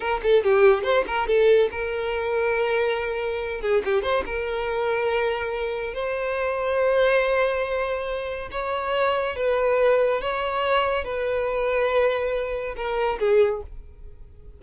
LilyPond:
\new Staff \with { instrumentName = "violin" } { \time 4/4 \tempo 4 = 141 ais'8 a'8 g'4 c''8 ais'8 a'4 | ais'1~ | ais'8 gis'8 g'8 c''8 ais'2~ | ais'2 c''2~ |
c''1 | cis''2 b'2 | cis''2 b'2~ | b'2 ais'4 gis'4 | }